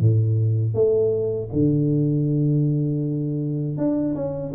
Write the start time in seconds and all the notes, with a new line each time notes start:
0.00 A2
0.74 A3
1.53 D3
3.78 D4
4.15 C#4